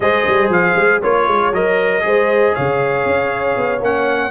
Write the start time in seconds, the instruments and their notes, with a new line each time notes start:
0.00 tuba G#3, trombone G#4, horn C5, trumpet D#5
0.27 tuba G3
0.49 tuba F3, trumpet F5
0.75 tuba G#3
1.01 tuba A#3, trombone F4, horn C#5, trumpet C#5
1.27 tuba G#3
1.52 tuba F#3, trombone A#4, trumpet D#5
2.01 tuba G#3, trombone G#4, horn C5
2.54 tuba C#3, horn C#5, trumpet F5
3.05 tuba C#4
3.56 tuba B3
3.80 tuba A#3, trombone C#4, trumpet F#5